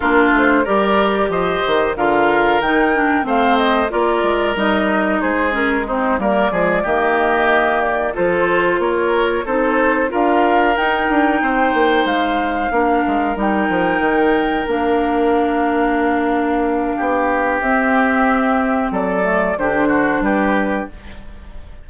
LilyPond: <<
  \new Staff \with { instrumentName = "flute" } { \time 4/4 \tempo 4 = 92 ais'8 c''8 d''4 dis''4 f''4 | g''4 f''8 dis''8 d''4 dis''4 | c''8 ais'8 c''8 d''4 dis''4. | d''8 c''4 cis''4 c''4 f''8~ |
f''8 g''2 f''4.~ | f''8 g''2 f''4.~ | f''2. e''4~ | e''4 d''4 c''4 b'4 | }
  \new Staff \with { instrumentName = "oboe" } { \time 4/4 f'4 ais'4 c''4 ais'4~ | ais'4 c''4 ais'2 | gis'4 dis'8 ais'8 gis'8 g'4.~ | g'8 a'4 ais'4 a'4 ais'8~ |
ais'4. c''2 ais'8~ | ais'1~ | ais'2 g'2~ | g'4 a'4 g'8 fis'8 g'4 | }
  \new Staff \with { instrumentName = "clarinet" } { \time 4/4 d'4 g'2 f'4 | dis'8 d'8 c'4 f'4 dis'4~ | dis'8 cis'8 c'8 ais8 gis8 ais4.~ | ais8 f'2 dis'4 f'8~ |
f'8 dis'2. d'8~ | d'8 dis'2 d'4.~ | d'2. c'4~ | c'4. a8 d'2 | }
  \new Staff \with { instrumentName = "bassoon" } { \time 4/4 ais8 a8 g4 f8 dis8 d4 | dis4 a4 ais8 gis8 g4 | gis4. g8 f8 dis4.~ | dis8 f4 ais4 c'4 d'8~ |
d'8 dis'8 d'8 c'8 ais8 gis4 ais8 | gis8 g8 f8 dis4 ais4.~ | ais2 b4 c'4~ | c'4 fis4 d4 g4 | }
>>